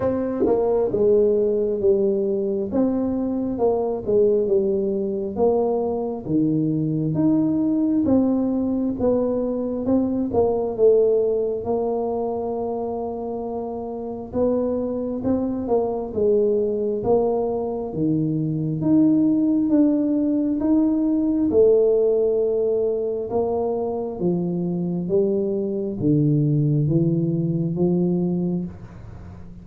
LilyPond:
\new Staff \with { instrumentName = "tuba" } { \time 4/4 \tempo 4 = 67 c'8 ais8 gis4 g4 c'4 | ais8 gis8 g4 ais4 dis4 | dis'4 c'4 b4 c'8 ais8 | a4 ais2. |
b4 c'8 ais8 gis4 ais4 | dis4 dis'4 d'4 dis'4 | a2 ais4 f4 | g4 d4 e4 f4 | }